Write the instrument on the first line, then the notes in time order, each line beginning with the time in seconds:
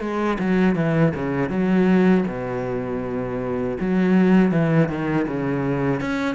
cello
0.00 G#3
0.39 F#3
0.75 E3
1.15 C#3
1.49 F#3
2.27 B2
3.80 F#3
4.51 E3
4.88 D#3
5.27 C#3
6.00 C#4